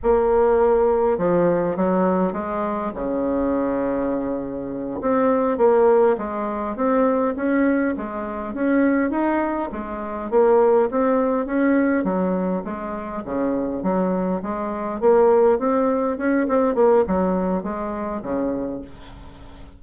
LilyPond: \new Staff \with { instrumentName = "bassoon" } { \time 4/4 \tempo 4 = 102 ais2 f4 fis4 | gis4 cis2.~ | cis8 c'4 ais4 gis4 c'8~ | c'8 cis'4 gis4 cis'4 dis'8~ |
dis'8 gis4 ais4 c'4 cis'8~ | cis'8 fis4 gis4 cis4 fis8~ | fis8 gis4 ais4 c'4 cis'8 | c'8 ais8 fis4 gis4 cis4 | }